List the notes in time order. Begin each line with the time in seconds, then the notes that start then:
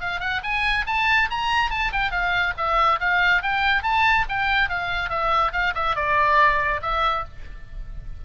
0.00 F5
0.20 F#5
0.43 G#5
0.86 A5
1.30 A#5
1.70 A5
1.92 G5
2.11 F5
2.57 E5
3.00 F5
3.42 G5
3.83 A5
4.28 G5
4.69 F5
5.09 E5
5.52 F5
5.75 E5
5.95 D5
6.81 E5